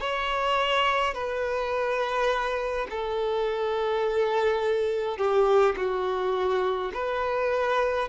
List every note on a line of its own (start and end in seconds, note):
0.00 1.14 C#5
1.14 2.87 B4
2.90 5.17 A4
5.17 5.75 G4
5.76 6.91 F#4
6.93 8.08 B4